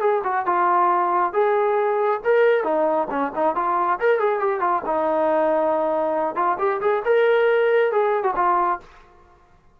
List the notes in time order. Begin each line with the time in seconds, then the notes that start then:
0.00 G#4
0.24 F#4
0.46 F4
1.33 G#4
2.24 A#4
2.64 D#4
3.10 C#4
3.35 D#4
3.55 F4
4.00 A#4
4.19 G#4
4.39 G4
4.60 F4
4.86 D#4
6.35 F4
6.59 G4
6.81 G#4
7.05 A#4
7.92 G#4
8.23 F#4
8.36 F4